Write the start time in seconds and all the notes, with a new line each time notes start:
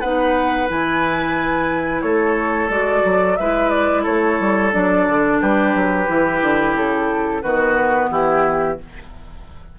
0.00 B3 D#4 B4 F#5
0.68 E3 E4 G#5
2.02 A3 A4 C#5
2.69 G#3 F#4 D5
3.05 F#3
3.37 G#3 E4 B4 E5
3.70 D5
4.03 A3 A4 C#5
4.40 G3
4.72 F#3 D4 D5
5.08 D3
5.41 G3 G4 B4
5.75 F#3
6.07 E3 E4
6.42 D3
6.75 C#3 A4
7.42 D#3 B3 F#4 B4
8.11 E3 E4 G4